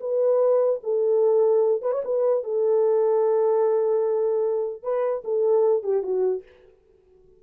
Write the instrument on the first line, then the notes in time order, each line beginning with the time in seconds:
horn
0.00 B4
0.83 A4
1.82 B4
1.92 C#5
2.04 B4
2.43 A4
4.83 B4
5.24 A4
5.83 G4
6.03 F#4